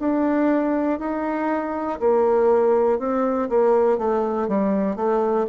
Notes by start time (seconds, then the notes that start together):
0.00 D4
0.99 D#4
2.00 A#3
2.99 C4
3.50 A#3
3.98 A3
4.48 G3
4.96 A3